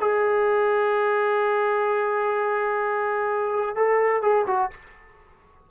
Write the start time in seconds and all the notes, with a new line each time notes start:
0.00 G#4
3.75 A4
4.22 G#4
4.46 F#4